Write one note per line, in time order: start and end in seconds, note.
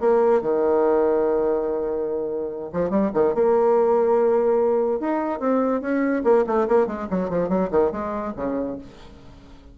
0.00 0.42 A#3
0.42 2.71 D#3
2.73 2.90 F3
2.90 3.11 G3
3.14 3.34 D#3
3.35 5.00 A#3
5.00 5.40 D#4
5.40 5.81 C4
5.81 6.23 C#4
6.24 6.45 A#3
6.47 6.68 A3
6.68 6.87 A#3
6.87 7.08 G#3
7.10 7.30 F#3
7.30 7.49 F3
7.49 7.70 F#3
7.71 7.92 D#3
7.92 8.34 G#3
8.37 8.78 C#3